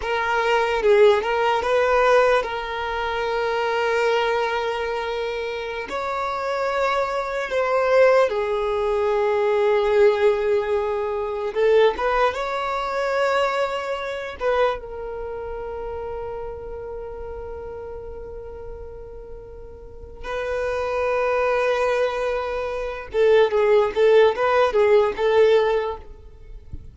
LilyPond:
\new Staff \with { instrumentName = "violin" } { \time 4/4 \tempo 4 = 74 ais'4 gis'8 ais'8 b'4 ais'4~ | ais'2.~ ais'16 cis''8.~ | cis''4~ cis''16 c''4 gis'4.~ gis'16~ | gis'2~ gis'16 a'8 b'8 cis''8.~ |
cis''4.~ cis''16 b'8 ais'4.~ ais'16~ | ais'1~ | ais'4 b'2.~ | b'8 a'8 gis'8 a'8 b'8 gis'8 a'4 | }